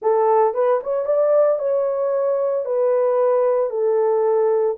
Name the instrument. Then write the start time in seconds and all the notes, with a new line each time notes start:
horn
0.01 A4
0.53 B4
0.83 C#5
1.05 D5
1.59 C#5
2.65 B4
3.70 A4